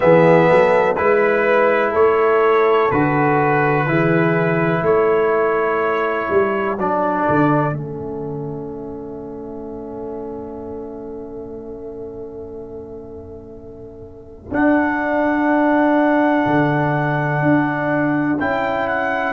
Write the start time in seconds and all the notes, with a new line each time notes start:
0.00 E3 B3 G#4 E5
0.49 F#3 A4
0.96 G#3 E4 B4
1.91 A3 A4 C#5
2.91 D3 F#4 B4
3.86 E3 E4 G#4
4.81 A3 A4 C#5
6.29 G3
6.77 F#3 D4 D5
7.28 D3
7.71 A3 C#4 E5
14.51 D4 F#5
16.46 D3
17.42 D4
18.40 C#4 E4 G5
18.87 F#5